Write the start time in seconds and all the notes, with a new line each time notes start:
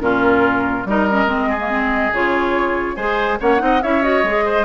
0.00 A#2 C#4 F4 A#4
0.85 G3 D#4 A#4 D#5
1.10 C#4
1.26 G#3 C4
1.49 G#4
1.59 A#3
1.70 C4
2.12 C#3 F4 C#5
2.96 G#3 G#4 C5 G#5
3.40 A#3 C#4 C#5 F#5
3.58 C4 D#4
3.65 D#5
3.82 C#4 E4 C#5 E5
4.02 F#4 D#5
4.24 G#3 G#4
4.45 C5